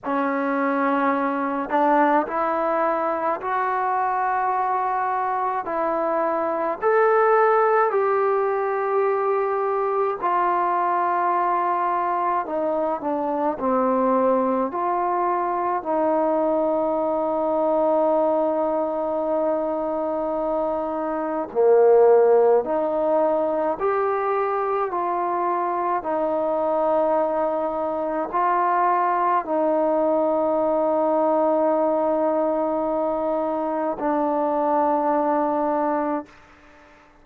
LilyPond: \new Staff \with { instrumentName = "trombone" } { \time 4/4 \tempo 4 = 53 cis'4. d'8 e'4 fis'4~ | fis'4 e'4 a'4 g'4~ | g'4 f'2 dis'8 d'8 | c'4 f'4 dis'2~ |
dis'2. ais4 | dis'4 g'4 f'4 dis'4~ | dis'4 f'4 dis'2~ | dis'2 d'2 | }